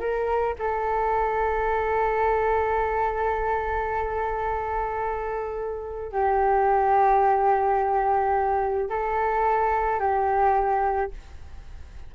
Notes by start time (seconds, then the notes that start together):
0.00 A#4
0.59 A4
6.12 G4
8.90 A4
10.00 G4